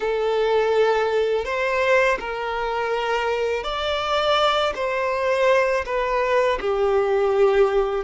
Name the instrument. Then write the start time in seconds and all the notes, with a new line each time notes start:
violin
0.00 A4
1.44 C5
2.20 A#4
3.63 D5
4.75 C5
5.85 B4
6.60 G4